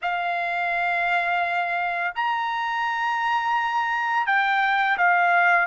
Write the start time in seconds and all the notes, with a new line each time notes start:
0.02 F5
2.15 A#5
4.26 G5
4.97 F5